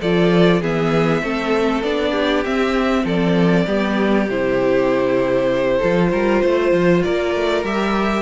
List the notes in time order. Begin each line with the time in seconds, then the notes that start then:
0.00 F3 F4 A4 D5
0.61 E3 B3 G#4 E5
1.22 A3 C4 A4
1.83 B3 D4 D5
2.11 G4
2.44 C4 E5
3.05 F3 A4 D5
3.66 G3 B3 G4
4.29 C3 E4 C5
5.78 F3 F4 A4
6.12 G3 A#4
6.42 A3 C5
6.72 F3
7.02 A#3 A#4 D5
7.35 A3
7.64 G3 G4 E5